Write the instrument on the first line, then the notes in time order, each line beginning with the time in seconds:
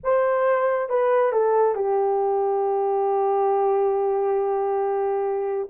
horn
0.03 C5
0.89 B4
1.32 A4
1.75 G4